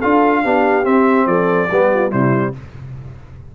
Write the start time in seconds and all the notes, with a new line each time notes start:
0.00 D4 F4 A4 F5
0.44 B3 D4 G4
0.84 C4 E5
1.27 F3 A4 D5
1.71 G3 B3 G4
1.95 F4
2.11 C3 G3 E4 C5